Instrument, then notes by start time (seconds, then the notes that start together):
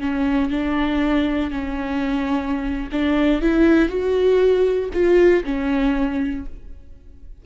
viola
0.00 C#4
0.50 D4
1.51 C#4
2.92 D4
3.41 E4
3.89 F#4
4.93 F4
5.45 C#4